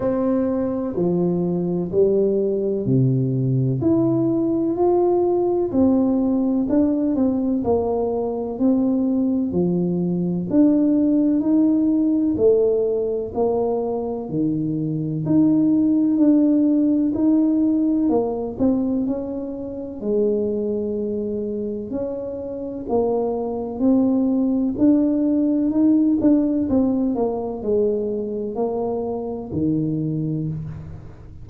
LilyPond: \new Staff \with { instrumentName = "tuba" } { \time 4/4 \tempo 4 = 63 c'4 f4 g4 c4 | e'4 f'4 c'4 d'8 c'8 | ais4 c'4 f4 d'4 | dis'4 a4 ais4 dis4 |
dis'4 d'4 dis'4 ais8 c'8 | cis'4 gis2 cis'4 | ais4 c'4 d'4 dis'8 d'8 | c'8 ais8 gis4 ais4 dis4 | }